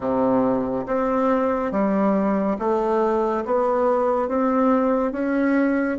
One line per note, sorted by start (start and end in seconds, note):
0.00 0.86 C3
0.86 1.71 C4
1.71 2.57 G3
2.58 3.44 A3
3.45 4.28 B3
4.28 5.12 C4
5.12 5.98 C#4